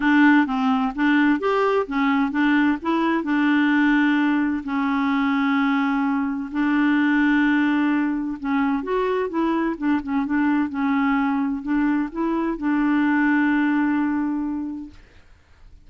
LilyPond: \new Staff \with { instrumentName = "clarinet" } { \time 4/4 \tempo 4 = 129 d'4 c'4 d'4 g'4 | cis'4 d'4 e'4 d'4~ | d'2 cis'2~ | cis'2 d'2~ |
d'2 cis'4 fis'4 | e'4 d'8 cis'8 d'4 cis'4~ | cis'4 d'4 e'4 d'4~ | d'1 | }